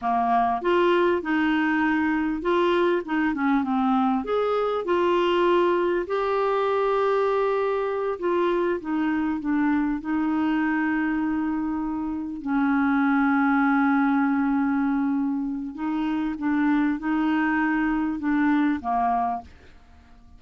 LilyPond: \new Staff \with { instrumentName = "clarinet" } { \time 4/4 \tempo 4 = 99 ais4 f'4 dis'2 | f'4 dis'8 cis'8 c'4 gis'4 | f'2 g'2~ | g'4. f'4 dis'4 d'8~ |
d'8 dis'2.~ dis'8~ | dis'8 cis'2.~ cis'8~ | cis'2 dis'4 d'4 | dis'2 d'4 ais4 | }